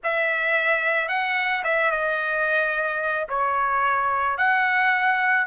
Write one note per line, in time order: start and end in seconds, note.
0.03 1.08 E5
1.08 1.63 F#5
1.64 1.91 E5
1.91 3.27 D#5
3.28 4.37 C#5
4.37 5.46 F#5